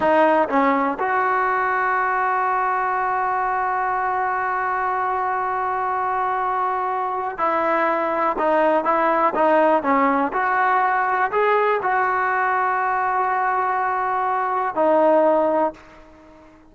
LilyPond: \new Staff \with { instrumentName = "trombone" } { \time 4/4 \tempo 4 = 122 dis'4 cis'4 fis'2~ | fis'1~ | fis'1~ | fis'2. e'4~ |
e'4 dis'4 e'4 dis'4 | cis'4 fis'2 gis'4 | fis'1~ | fis'2 dis'2 | }